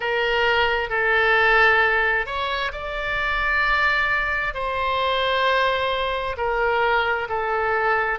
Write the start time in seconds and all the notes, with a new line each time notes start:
0.00 A#4
0.89 A4
2.26 C#5
2.72 D5
4.54 C5
6.37 A#4
7.29 A4